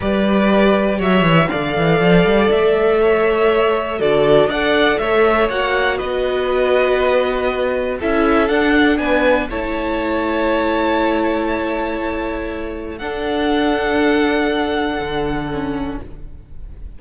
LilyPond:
<<
  \new Staff \with { instrumentName = "violin" } { \time 4/4 \tempo 4 = 120 d''2 e''4 f''4~ | f''4 e''2. | d''4 fis''4 e''4 fis''4 | dis''1 |
e''4 fis''4 gis''4 a''4~ | a''1~ | a''2 fis''2~ | fis''1 | }
  \new Staff \with { instrumentName = "violin" } { \time 4/4 b'2 cis''4 d''4~ | d''2 cis''2 | a'4 d''4 cis''2 | b'1 |
a'2 b'4 cis''4~ | cis''1~ | cis''2 a'2~ | a'1 | }
  \new Staff \with { instrumentName = "viola" } { \time 4/4 g'2. a'4~ | a'1 | fis'4 a'2 fis'4~ | fis'1 |
e'4 d'2 e'4~ | e'1~ | e'2 d'2~ | d'2. cis'4 | }
  \new Staff \with { instrumentName = "cello" } { \time 4/4 g2 fis8 e8 d8 e8 | f8 g8 a2. | d4 d'4 a4 ais4 | b1 |
cis'4 d'4 b4 a4~ | a1~ | a2 d'2~ | d'2 d2 | }
>>